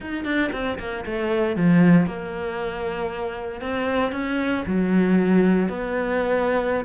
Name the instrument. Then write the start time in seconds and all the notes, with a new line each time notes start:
cello
0.00 D#4
0.24 D4
0.52 C4
0.79 A#3
1.05 A3
1.55 F3
2.06 A#3
3.61 C4
4.12 C#4
4.66 F#3
5.68 B3